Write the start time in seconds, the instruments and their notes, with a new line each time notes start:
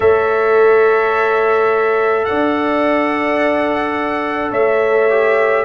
0.00 tuba A3, trombone A4, horn C#5, trumpet E5
2.24 tuba D4, horn D5, trumpet F#5
4.51 tuba A3, horn C#5, trumpet E5
5.09 trombone G4